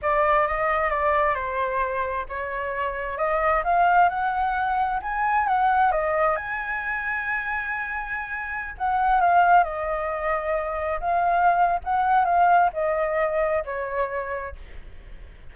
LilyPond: \new Staff \with { instrumentName = "flute" } { \time 4/4 \tempo 4 = 132 d''4 dis''4 d''4 c''4~ | c''4 cis''2 dis''4 | f''4 fis''2 gis''4 | fis''4 dis''4 gis''2~ |
gis''2.~ gis''16 fis''8.~ | fis''16 f''4 dis''2~ dis''8.~ | dis''16 f''4.~ f''16 fis''4 f''4 | dis''2 cis''2 | }